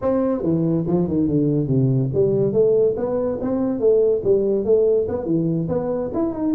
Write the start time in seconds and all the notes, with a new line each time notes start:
0.01 C4
0.42 E3
0.86 F3
1.07 D#3
1.27 D3
1.67 C3
2.13 G3
2.53 A3
2.96 B3
3.41 C4
3.79 A3
4.24 G3
4.65 A3
5.08 B3
5.25 E3
5.68 B3
6.13 E4
6.32 D#4